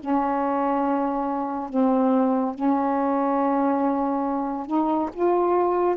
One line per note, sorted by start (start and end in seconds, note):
0.00 1.69 C#4
1.69 2.55 C4
2.55 4.67 C#4
4.67 5.10 D#4
5.14 5.96 F4